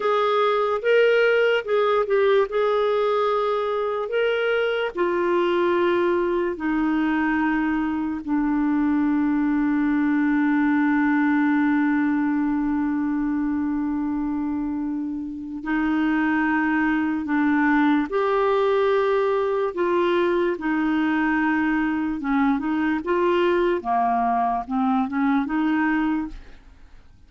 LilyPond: \new Staff \with { instrumentName = "clarinet" } { \time 4/4 \tempo 4 = 73 gis'4 ais'4 gis'8 g'8 gis'4~ | gis'4 ais'4 f'2 | dis'2 d'2~ | d'1~ |
d'2. dis'4~ | dis'4 d'4 g'2 | f'4 dis'2 cis'8 dis'8 | f'4 ais4 c'8 cis'8 dis'4 | }